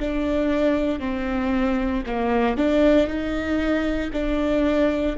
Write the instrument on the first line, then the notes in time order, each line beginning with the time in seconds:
viola
0.00 D4
1.00 C4
2.06 A#3
2.58 D4
3.08 D#4
4.13 D4